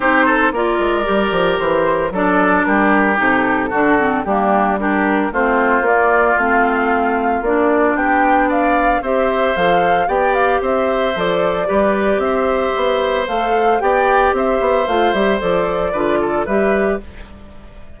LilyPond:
<<
  \new Staff \with { instrumentName = "flute" } { \time 4/4 \tempo 4 = 113 c''4 d''2 c''4 | d''4 ais'4 a'2 | g'4 ais'4 c''4 d''4 | f''2 d''4 g''4 |
f''4 e''4 f''4 g''8 f''8 | e''4 d''2 e''4~ | e''4 f''4 g''4 e''4 | f''8 e''8 d''2 e''4 | }
  \new Staff \with { instrumentName = "oboe" } { \time 4/4 g'8 a'8 ais'2. | a'4 g'2 fis'4 | d'4 g'4 f'2~ | f'2. g'4 |
d''4 c''2 d''4 | c''2 b'4 c''4~ | c''2 d''4 c''4~ | c''2 b'8 a'8 b'4 | }
  \new Staff \with { instrumentName = "clarinet" } { \time 4/4 dis'4 f'4 g'2 | d'2 dis'4 d'8 c'8 | ais4 d'4 c'4 ais4 | c'2 d'2~ |
d'4 g'4 a'4 g'4~ | g'4 a'4 g'2~ | g'4 a'4 g'2 | f'8 g'8 a'4 f'4 g'4 | }
  \new Staff \with { instrumentName = "bassoon" } { \time 4/4 c'4 ais8 gis8 g8 f8 e4 | fis4 g4 c4 d4 | g2 a4 ais4 | a2 ais4 b4~ |
b4 c'4 f4 b4 | c'4 f4 g4 c'4 | b4 a4 b4 c'8 b8 | a8 g8 f4 d4 g4 | }
>>